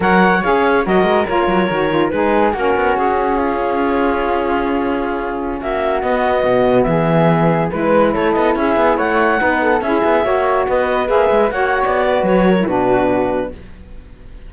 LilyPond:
<<
  \new Staff \with { instrumentName = "clarinet" } { \time 4/4 \tempo 4 = 142 fis''4 f''4 dis''4 cis''4~ | cis''4 b'4 ais'4 gis'4~ | gis'1~ | gis'4~ gis'16 e''4 dis''4.~ dis''16~ |
dis''16 e''2 b'4 cis''8 dis''16~ | dis''16 e''4 fis''2 e''8.~ | e''4~ e''16 dis''4 e''4 fis''8. | d''4 cis''4 b'2 | }
  \new Staff \with { instrumentName = "flute" } { \time 4/4 cis''2 ais'2~ | ais'4 gis'4 fis'2 | f'1~ | f'4~ f'16 fis'2~ fis'8.~ |
fis'16 gis'2 b'4 a'8.~ | a'16 gis'4 cis''4 b'8 a'8 gis'8.~ | gis'16 cis''4 b'2 cis''8.~ | cis''8 b'4 ais'8 fis'2 | }
  \new Staff \with { instrumentName = "saxophone" } { \time 4/4 ais'4 gis'4 fis'4 f'4 | fis'8 f'8 dis'4 cis'2~ | cis'1~ | cis'2~ cis'16 b4.~ b16~ |
b2~ b16 e'4.~ e'16~ | e'2~ e'16 dis'4 e'8.~ | e'16 fis'2 gis'4 fis'8.~ | fis'4.~ fis'16 e'16 d'2 | }
  \new Staff \with { instrumentName = "cello" } { \time 4/4 fis4 cis'4 fis8 gis8 ais8 fis8 | dis4 gis4 ais8 b8 cis'4~ | cis'1~ | cis'4~ cis'16 ais4 b4 b,8.~ |
b,16 e2 gis4 a8 b16~ | b16 cis'8 b8 a4 b4 cis'8 b16~ | b16 ais4 b4 ais8 gis8 ais8. | b4 fis4 b,2 | }
>>